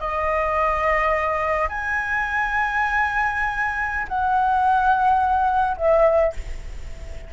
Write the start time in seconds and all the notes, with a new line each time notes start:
0.00 D#5
1.69 G#5
4.08 F#5
5.77 E5